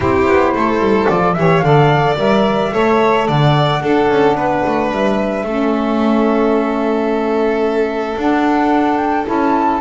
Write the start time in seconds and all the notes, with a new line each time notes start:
0.00 C4 E4 G4 C5
0.27 B3
0.53 A3 A4
0.79 G3
1.07 F3 F4 D5
1.33 E3 G4 C#5 E5
1.59 D3 A4 D5 F5
2.17 G3 A#4 E5
2.71 A3 A4 C#5
3.27 D3 D5 F#5
3.81 D4 A4
4.09 C#4
4.35 B3 B4
4.65 A3
4.91 G3 E5
5.42 A3 C#4 A4
8.16 D4 F#5
8.97 G5
9.25 C#4 E4 A5